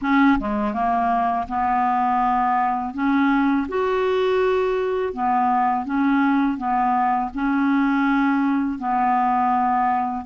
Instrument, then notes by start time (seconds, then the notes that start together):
clarinet
0.01 C#4
0.39 G#3
0.73 A#3
1.47 B3
2.94 C#4
3.68 F#4
5.13 B3
5.85 C#4
6.57 B3
7.34 C#4
8.78 B3